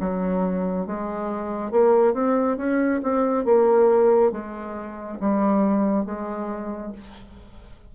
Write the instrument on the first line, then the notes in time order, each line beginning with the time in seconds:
bassoon
0.00 F#3
0.87 G#3
1.72 A#3
2.14 C4
2.57 C#4
3.03 C4
3.45 A#3
4.32 G#3
5.20 G3
6.06 G#3